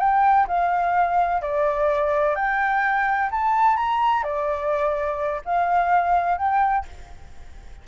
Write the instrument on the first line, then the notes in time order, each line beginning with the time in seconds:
flute
0.00 G5
0.48 F5
1.42 D5
2.36 G5
3.32 A5
3.77 A#5
4.24 D5
5.45 F5
6.38 G5